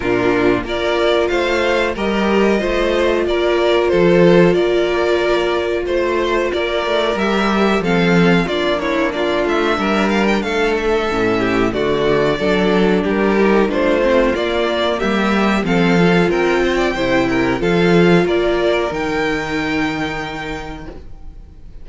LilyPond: <<
  \new Staff \with { instrumentName = "violin" } { \time 4/4 \tempo 4 = 92 ais'4 d''4 f''4 dis''4~ | dis''4 d''4 c''4 d''4~ | d''4 c''4 d''4 e''4 | f''4 d''8 cis''8 d''8 e''4 f''16 g''16 |
f''8 e''4. d''2 | ais'4 c''4 d''4 e''4 | f''4 g''2 f''4 | d''4 g''2. | }
  \new Staff \with { instrumentName = "violin" } { \time 4/4 f'4 ais'4 c''4 ais'4 | c''4 ais'4 a'4 ais'4~ | ais'4 c''4 ais'2 | a'4 f'8 e'8 f'4 ais'4 |
a'4. g'8 fis'4 a'4 | g'4 f'2 g'4 | a'4 ais'8 c''16 d''16 c''8 ais'8 a'4 | ais'1 | }
  \new Staff \with { instrumentName = "viola" } { \time 4/4 d'4 f'2 g'4 | f'1~ | f'2. g'4 | c'4 d'2.~ |
d'4 cis'4 a4 d'4~ | d'8 dis'8 d'8 c'8 ais2 | c'8 f'4. e'4 f'4~ | f'4 dis'2. | }
  \new Staff \with { instrumentName = "cello" } { \time 4/4 ais,4 ais4 a4 g4 | a4 ais4 f4 ais4~ | ais4 a4 ais8 a8 g4 | f4 ais4. a8 g4 |
a4 a,4 d4 fis4 | g4 a4 ais4 g4 | f4 c'4 c4 f4 | ais4 dis2. | }
>>